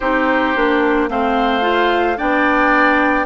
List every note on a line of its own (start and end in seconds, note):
0.00 0.55 C4
0.00 0.55 D#4
0.00 1.09 G4
0.00 1.09 C5
0.55 1.09 A#3
0.55 1.09 D4
1.09 2.18 A3
1.09 1.61 C4
1.09 2.17 C5
1.09 2.17 F5
1.61 2.16 F4
2.17 3.25 B3
2.17 3.25 D4
2.17 3.25 D5
2.17 3.25 G5